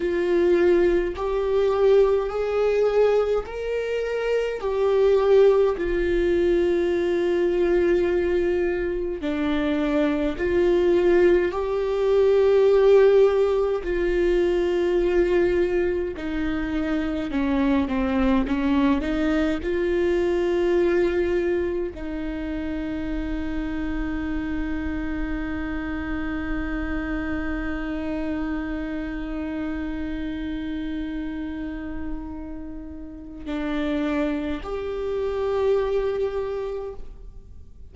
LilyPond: \new Staff \with { instrumentName = "viola" } { \time 4/4 \tempo 4 = 52 f'4 g'4 gis'4 ais'4 | g'4 f'2. | d'4 f'4 g'2 | f'2 dis'4 cis'8 c'8 |
cis'8 dis'8 f'2 dis'4~ | dis'1~ | dis'1~ | dis'4 d'4 g'2 | }